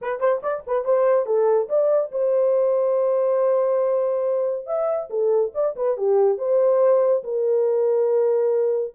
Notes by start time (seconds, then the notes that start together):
0.01 B4
0.20 C5
0.43 D5
0.66 B4
0.84 C5
1.26 A4
1.68 D5
2.11 C5
4.66 E5
5.09 A4
5.54 D5
5.76 B4
5.97 G4
6.38 C5
7.23 A#4